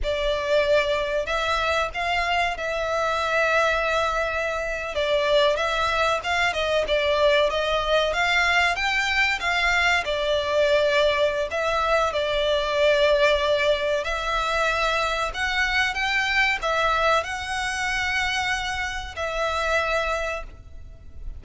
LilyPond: \new Staff \with { instrumentName = "violin" } { \time 4/4 \tempo 4 = 94 d''2 e''4 f''4 | e''2.~ e''8. d''16~ | d''8. e''4 f''8 dis''8 d''4 dis''16~ | dis''8. f''4 g''4 f''4 d''16~ |
d''2 e''4 d''4~ | d''2 e''2 | fis''4 g''4 e''4 fis''4~ | fis''2 e''2 | }